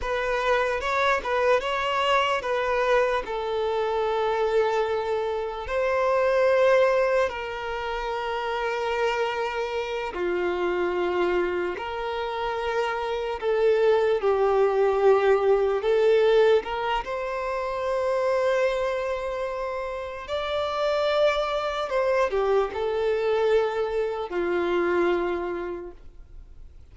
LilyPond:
\new Staff \with { instrumentName = "violin" } { \time 4/4 \tempo 4 = 74 b'4 cis''8 b'8 cis''4 b'4 | a'2. c''4~ | c''4 ais'2.~ | ais'8 f'2 ais'4.~ |
ais'8 a'4 g'2 a'8~ | a'8 ais'8 c''2.~ | c''4 d''2 c''8 g'8 | a'2 f'2 | }